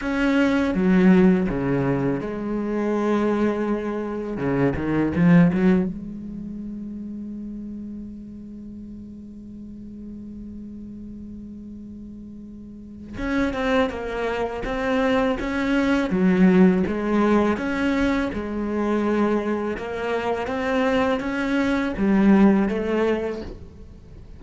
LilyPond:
\new Staff \with { instrumentName = "cello" } { \time 4/4 \tempo 4 = 82 cis'4 fis4 cis4 gis4~ | gis2 cis8 dis8 f8 fis8 | gis1~ | gis1~ |
gis2 cis'8 c'8 ais4 | c'4 cis'4 fis4 gis4 | cis'4 gis2 ais4 | c'4 cis'4 g4 a4 | }